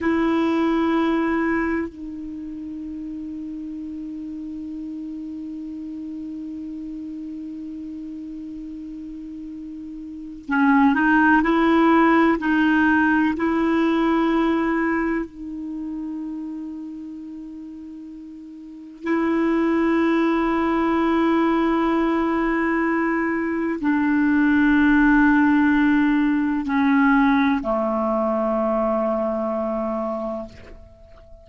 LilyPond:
\new Staff \with { instrumentName = "clarinet" } { \time 4/4 \tempo 4 = 63 e'2 dis'2~ | dis'1~ | dis'2. cis'8 dis'8 | e'4 dis'4 e'2 |
dis'1 | e'1~ | e'4 d'2. | cis'4 a2. | }